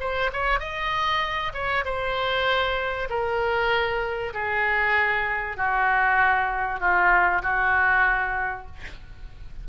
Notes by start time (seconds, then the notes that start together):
0.00 C5
0.33 C#5
0.60 D#5
1.54 C#5
1.85 C5
3.10 A#4
4.34 G#4
5.57 F#4
6.80 F4
7.43 F#4